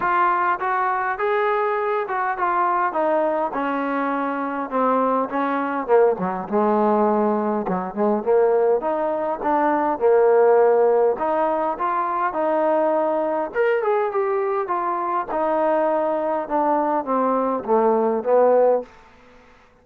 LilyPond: \new Staff \with { instrumentName = "trombone" } { \time 4/4 \tempo 4 = 102 f'4 fis'4 gis'4. fis'8 | f'4 dis'4 cis'2 | c'4 cis'4 ais8 fis8 gis4~ | gis4 fis8 gis8 ais4 dis'4 |
d'4 ais2 dis'4 | f'4 dis'2 ais'8 gis'8 | g'4 f'4 dis'2 | d'4 c'4 a4 b4 | }